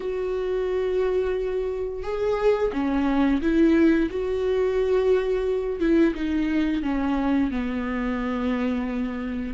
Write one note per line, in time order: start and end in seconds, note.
0.00 2.03 F#4
2.03 2.71 G#4
2.72 3.41 C#4
3.41 4.09 E4
4.10 5.80 F#4
5.80 6.14 E4
6.14 6.82 D#4
6.82 7.50 C#4
7.50 9.54 B3